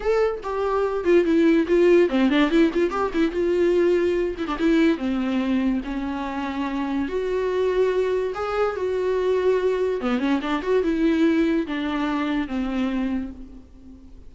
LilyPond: \new Staff \with { instrumentName = "viola" } { \time 4/4 \tempo 4 = 144 a'4 g'4. f'8 e'4 | f'4 c'8 d'8 e'8 f'8 g'8 e'8 | f'2~ f'8 e'16 d'16 e'4 | c'2 cis'2~ |
cis'4 fis'2. | gis'4 fis'2. | b8 cis'8 d'8 fis'8 e'2 | d'2 c'2 | }